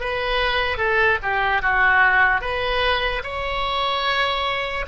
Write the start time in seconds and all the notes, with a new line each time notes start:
0.00 B4
0.77 A4
1.22 G4
1.61 F#4
2.41 B4
3.23 C#5